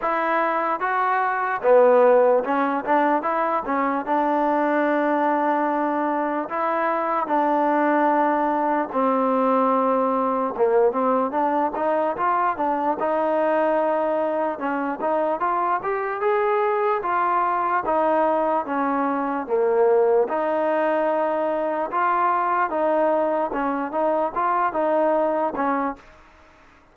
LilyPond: \new Staff \with { instrumentName = "trombone" } { \time 4/4 \tempo 4 = 74 e'4 fis'4 b4 cis'8 d'8 | e'8 cis'8 d'2. | e'4 d'2 c'4~ | c'4 ais8 c'8 d'8 dis'8 f'8 d'8 |
dis'2 cis'8 dis'8 f'8 g'8 | gis'4 f'4 dis'4 cis'4 | ais4 dis'2 f'4 | dis'4 cis'8 dis'8 f'8 dis'4 cis'8 | }